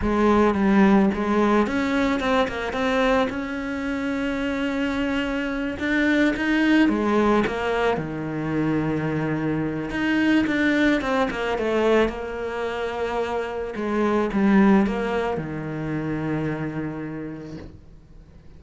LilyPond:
\new Staff \with { instrumentName = "cello" } { \time 4/4 \tempo 4 = 109 gis4 g4 gis4 cis'4 | c'8 ais8 c'4 cis'2~ | cis'2~ cis'8 d'4 dis'8~ | dis'8 gis4 ais4 dis4.~ |
dis2 dis'4 d'4 | c'8 ais8 a4 ais2~ | ais4 gis4 g4 ais4 | dis1 | }